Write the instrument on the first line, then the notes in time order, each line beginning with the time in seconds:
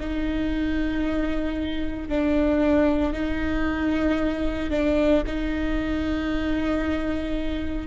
viola
0.00 D#4
2.09 D4
3.13 D#4
4.70 D4
5.27 D#4